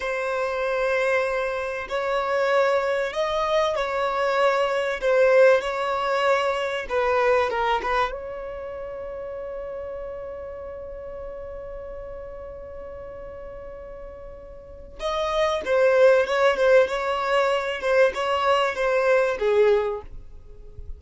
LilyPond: \new Staff \with { instrumentName = "violin" } { \time 4/4 \tempo 4 = 96 c''2. cis''4~ | cis''4 dis''4 cis''2 | c''4 cis''2 b'4 | ais'8 b'8 cis''2.~ |
cis''1~ | cis''1 | dis''4 c''4 cis''8 c''8 cis''4~ | cis''8 c''8 cis''4 c''4 gis'4 | }